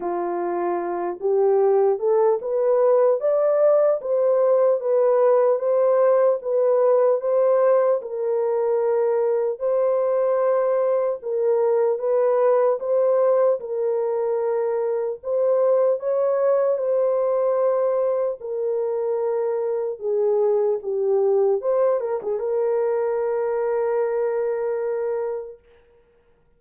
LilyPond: \new Staff \with { instrumentName = "horn" } { \time 4/4 \tempo 4 = 75 f'4. g'4 a'8 b'4 | d''4 c''4 b'4 c''4 | b'4 c''4 ais'2 | c''2 ais'4 b'4 |
c''4 ais'2 c''4 | cis''4 c''2 ais'4~ | ais'4 gis'4 g'4 c''8 ais'16 gis'16 | ais'1 | }